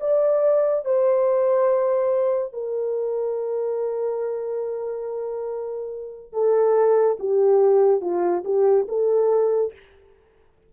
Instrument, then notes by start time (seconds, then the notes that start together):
horn
0.00 D5
0.85 C5
2.53 A#4
6.33 A4
7.19 G4
8.01 F4
8.44 G4
8.88 A4